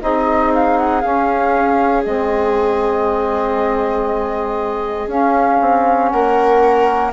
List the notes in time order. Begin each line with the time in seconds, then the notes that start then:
0.00 C4 D#4 G#4 D#5
0.54 F5
0.78 F#5
1.01 C#4 F5
2.04 G#3 C4 D#5
5.07 C#4 F5
5.61 C4
6.09 A#3 A#4 F#5